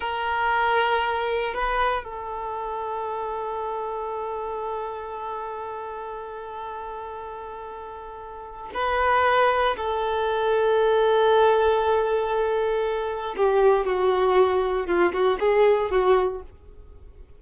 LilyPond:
\new Staff \with { instrumentName = "violin" } { \time 4/4 \tempo 4 = 117 ais'2. b'4 | a'1~ | a'1~ | a'1~ |
a'4 b'2 a'4~ | a'1~ | a'2 g'4 fis'4~ | fis'4 f'8 fis'8 gis'4 fis'4 | }